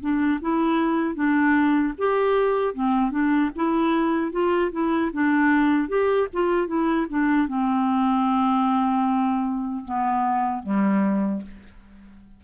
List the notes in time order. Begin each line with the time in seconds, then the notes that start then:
0.00 D4
0.41 E4
1.14 D4
1.98 G4
2.74 C4
3.11 D4
3.56 E4
4.32 F4
4.72 E4
5.13 D4
5.88 G4
6.33 F4
6.67 E4
7.09 D4
7.47 C4
9.85 B3
10.63 G3